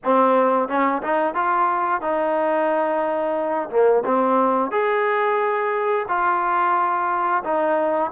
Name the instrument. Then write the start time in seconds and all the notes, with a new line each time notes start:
trombone
0.03 C4
0.68 C#4
1.02 D#4
1.34 F4
2.01 D#4
3.70 A#3
4.04 C4
4.71 G#4
6.08 F4
7.43 D#4